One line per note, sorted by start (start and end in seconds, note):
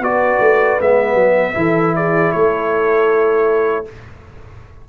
0.00 0.38 B3
0.00 0.80 F#4
0.00 1.57 B4
0.00 0.81 D5
0.40 0.79 A3
0.80 1.15 G#3
0.80 1.54 B3
0.80 1.96 E5
1.15 1.53 F#3
1.54 2.33 E3
1.54 3.85 E4
1.54 1.96 A4
1.96 2.34 G#4
1.96 2.32 D5
2.32 3.89 A3
2.32 3.88 A4
2.32 3.86 C#5